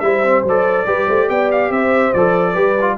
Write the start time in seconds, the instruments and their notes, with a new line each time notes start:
0.00 tuba G3, trombone E4, horn C5, trumpet E5
0.24 trombone C4
0.44 tuba F#3, trombone A4, trumpet D5
0.86 tuba G3, trombone G4, horn B4
1.07 tuba A3, horn C5
1.29 tuba B3, horn D5, trumpet G5
1.52 trumpet F5
1.70 tuba C4, horn C5, trumpet E5
2.13 tuba F3, trombone A4, trumpet D5
2.53 tuba G3, trombone G4, horn B4
2.81 trombone F4